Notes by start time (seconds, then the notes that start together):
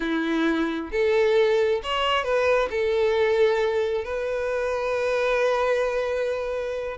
0.00 E4
0.91 A4
1.83 C#5
2.23 B4
2.70 A4
4.04 B4